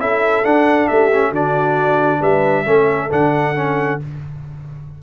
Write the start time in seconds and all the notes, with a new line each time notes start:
0.00 C#4 E4 A4 E5
0.45 D4 F#5
0.88 A3 G4 E5
1.13 C#4
1.30 D3 D4 F#4 D5
2.21 G3 B4 E5
2.66 A3 C#4 A4
3.11 D3 D4 F#5
3.56 C#4